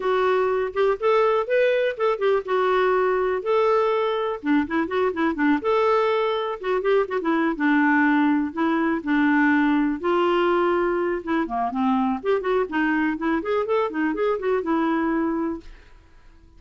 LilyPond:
\new Staff \with { instrumentName = "clarinet" } { \time 4/4 \tempo 4 = 123 fis'4. g'8 a'4 b'4 | a'8 g'8 fis'2 a'4~ | a'4 d'8 e'8 fis'8 e'8 d'8 a'8~ | a'4. fis'8 g'8 fis'16 e'8. d'8~ |
d'4. e'4 d'4.~ | d'8 f'2~ f'8 e'8 ais8 | c'4 g'8 fis'8 dis'4 e'8 gis'8 | a'8 dis'8 gis'8 fis'8 e'2 | }